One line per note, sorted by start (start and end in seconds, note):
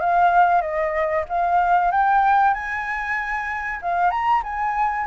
0.00 0.61 F5
0.61 1.25 D#5
1.29 1.91 F5
1.91 2.54 G5
2.54 3.80 G#5
3.82 4.10 F5
4.10 4.42 A#5
4.43 5.06 G#5